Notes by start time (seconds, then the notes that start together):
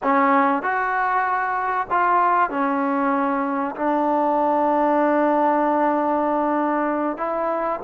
0.03 C#4
0.62 F#4
1.90 F4
2.50 C#4
3.75 D4
7.17 E4